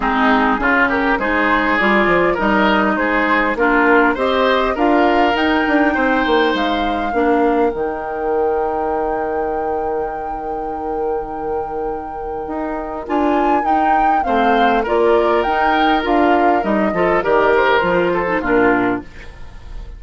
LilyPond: <<
  \new Staff \with { instrumentName = "flute" } { \time 4/4 \tempo 4 = 101 gis'4. ais'8 c''4 d''4 | dis''4 c''4 ais'4 dis''4 | f''4 g''2 f''4~ | f''4 g''2.~ |
g''1~ | g''2 gis''4 g''4 | f''4 d''4 g''4 f''4 | dis''4 d''8 c''4. ais'4 | }
  \new Staff \with { instrumentName = "oboe" } { \time 4/4 dis'4 f'8 g'8 gis'2 | ais'4 gis'4 f'4 c''4 | ais'2 c''2 | ais'1~ |
ais'1~ | ais'1 | c''4 ais'2.~ | ais'8 a'8 ais'4. a'8 f'4 | }
  \new Staff \with { instrumentName = "clarinet" } { \time 4/4 c'4 cis'4 dis'4 f'4 | dis'2 d'4 g'4 | f'4 dis'2. | d'4 dis'2.~ |
dis'1~ | dis'2 f'4 dis'4 | c'4 f'4 dis'4 f'4 | dis'8 f'8 g'4 f'8. dis'16 d'4 | }
  \new Staff \with { instrumentName = "bassoon" } { \time 4/4 gis4 cis4 gis4 g8 f8 | g4 gis4 ais4 c'4 | d'4 dis'8 d'8 c'8 ais8 gis4 | ais4 dis2.~ |
dis1~ | dis4 dis'4 d'4 dis'4 | a4 ais4 dis'4 d'4 | g8 f8 dis4 f4 ais,4 | }
>>